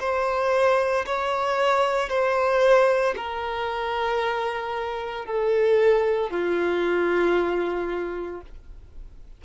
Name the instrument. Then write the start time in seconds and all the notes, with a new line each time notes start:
violin
0.00 C5
1.06 C#5
2.09 C5
3.17 A#4
5.26 A4
6.31 F4